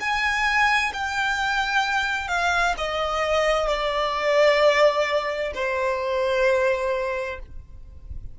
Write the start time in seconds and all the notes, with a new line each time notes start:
0.00 G#5
0.94 G5
2.28 F5
2.78 D#5
3.68 D5
5.55 C5